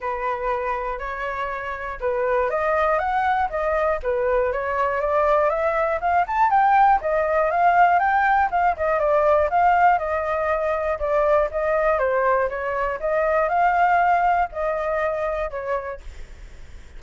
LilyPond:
\new Staff \with { instrumentName = "flute" } { \time 4/4 \tempo 4 = 120 b'2 cis''2 | b'4 dis''4 fis''4 dis''4 | b'4 cis''4 d''4 e''4 | f''8 a''8 g''4 dis''4 f''4 |
g''4 f''8 dis''8 d''4 f''4 | dis''2 d''4 dis''4 | c''4 cis''4 dis''4 f''4~ | f''4 dis''2 cis''4 | }